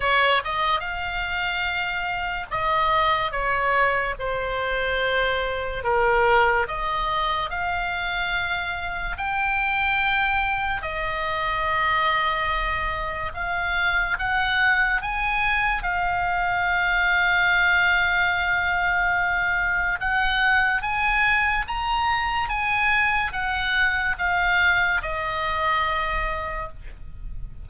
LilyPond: \new Staff \with { instrumentName = "oboe" } { \time 4/4 \tempo 4 = 72 cis''8 dis''8 f''2 dis''4 | cis''4 c''2 ais'4 | dis''4 f''2 g''4~ | g''4 dis''2. |
f''4 fis''4 gis''4 f''4~ | f''1 | fis''4 gis''4 ais''4 gis''4 | fis''4 f''4 dis''2 | }